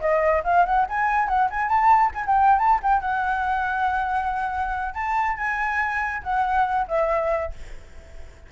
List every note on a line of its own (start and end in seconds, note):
0.00 0.43 D#5
0.44 0.65 F5
0.65 0.87 F#5
0.89 1.28 G#5
1.28 1.50 F#5
1.50 1.69 G#5
1.69 2.12 A5
2.14 2.25 G#5
2.27 2.58 G5
2.58 2.80 A5
2.82 3.01 G5
3.01 4.94 F#5
4.94 5.37 A5
5.37 6.23 G#5
6.23 6.87 F#5
6.88 7.52 E5